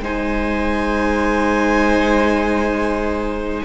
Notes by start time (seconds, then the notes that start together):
0.00 G#3 D#4 C5 G#5